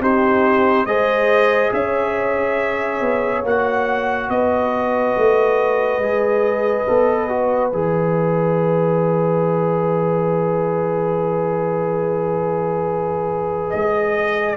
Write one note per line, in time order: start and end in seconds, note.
0.00 0.85 C4
0.00 0.87 D#4
0.00 0.87 G4
0.00 0.86 C5
0.85 1.71 G#3
0.85 3.44 G#4
0.85 1.73 C5
0.85 1.72 D#5
1.72 3.01 C#4
1.72 4.32 C#5
1.72 3.44 E5
3.01 3.44 B3
3.44 4.29 A#3
3.44 6.02 F#4
3.44 4.30 F#5
4.29 5.15 B3
4.29 14.57 B4
4.29 7.71 D#5
5.17 5.98 A3
5.98 6.84 G#3
5.98 6.87 G#4
6.87 7.72 B3
6.87 7.29 A4
7.29 7.72 F#4
7.71 13.72 E3
7.71 14.57 G#4
7.71 13.70 E5
13.70 14.57 G#3
13.70 14.56 D#5